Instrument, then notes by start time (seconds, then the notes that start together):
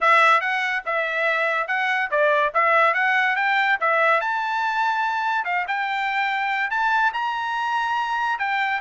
trumpet
0.00 E5
0.40 F#5
0.85 E5
1.67 F#5
2.11 D5
2.54 E5
2.94 F#5
3.36 G5
3.80 E5
4.21 A5
5.45 F5
5.67 G5
6.70 A5
7.13 A#5
8.38 G5